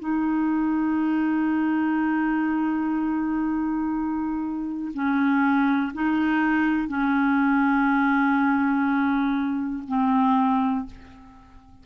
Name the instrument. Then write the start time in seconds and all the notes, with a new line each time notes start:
clarinet
0.00 D#4
4.94 C#4
5.94 D#4
6.89 C#4
9.88 C4